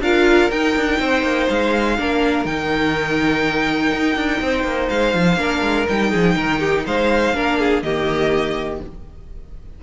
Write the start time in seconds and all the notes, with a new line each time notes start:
0.00 D4 F4 A#4 F5
0.51 D#4 G5
0.77 D4
1.00 C4 C5
1.23 A#3
1.49 G#3 F5
1.98 A#3 D4 A#4
2.45 D#3 D#4 G5
3.94 D#4
4.15 D4
4.41 C4 C5
4.64 A#3
4.89 G#3 F5
5.14 F3
5.36 A#3 D4 A#4
5.62 G#3
5.89 G3 D#4 G5
6.11 F3 G#4
6.36 D#3 A#4
6.59 G4
6.87 G#3 C5 F5
7.34 A#3 D4 A#4
7.59 G#4
7.83 D#3 A#3 G4 D#5